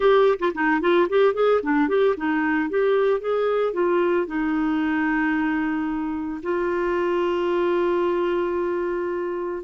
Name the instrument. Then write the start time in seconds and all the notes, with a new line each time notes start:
clarinet
0.00 G4
0.39 F4
0.54 D#4
0.80 F4
1.09 G4
1.34 G#4
1.62 D4
1.88 G4
2.16 D#4
2.69 G4
3.20 G#4
3.73 F4
4.26 D#4
6.42 F4